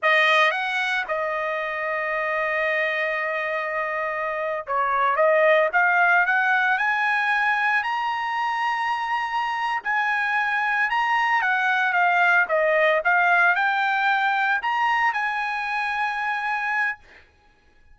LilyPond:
\new Staff \with { instrumentName = "trumpet" } { \time 4/4 \tempo 4 = 113 dis''4 fis''4 dis''2~ | dis''1~ | dis''8. cis''4 dis''4 f''4 fis''16~ | fis''8. gis''2 ais''4~ ais''16~ |
ais''2~ ais''8 gis''4.~ | gis''8 ais''4 fis''4 f''4 dis''8~ | dis''8 f''4 g''2 ais''8~ | ais''8 gis''2.~ gis''8 | }